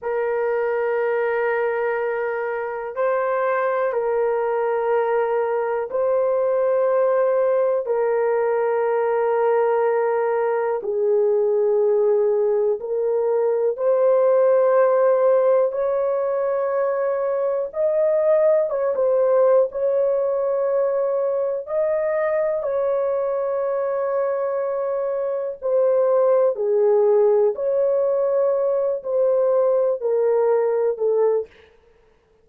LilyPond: \new Staff \with { instrumentName = "horn" } { \time 4/4 \tempo 4 = 61 ais'2. c''4 | ais'2 c''2 | ais'2. gis'4~ | gis'4 ais'4 c''2 |
cis''2 dis''4 cis''16 c''8. | cis''2 dis''4 cis''4~ | cis''2 c''4 gis'4 | cis''4. c''4 ais'4 a'8 | }